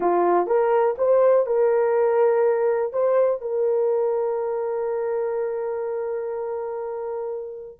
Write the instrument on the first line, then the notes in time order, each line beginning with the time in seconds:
horn
0.00 F4
0.46 A#4
0.98 C5
1.46 A#4
2.92 C5
3.41 A#4